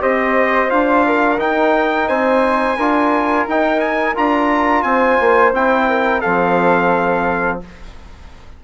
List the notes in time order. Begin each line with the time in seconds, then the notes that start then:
0.00 C4 G4 C5 D#5
0.69 D4 F4 F5
1.06 A#4
1.39 D#4 G5
2.08 C4 C5 G#5
2.77 D4 F4 A#4
3.47 D#4 G5
3.80 G#5
4.16 D4 F4 A#5
4.83 C4 C5 G#5
5.20 A#3
5.53 C4 E4 G5
5.89 A#4
6.21 F3 C4 A4 F5